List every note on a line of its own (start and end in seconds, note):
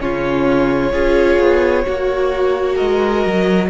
0.00 0.93 C#3
0.00 0.92 C#4
0.00 0.93 F4
0.00 2.77 C#5
0.92 1.39 C#4
0.92 1.85 F4
0.92 1.85 G#4
1.40 1.86 B3
1.86 2.80 A#3
1.86 2.75 F#4
1.86 3.70 F#4
2.75 3.25 G#3
2.75 3.67 A#4
2.75 3.69 D#5
3.25 3.70 F#3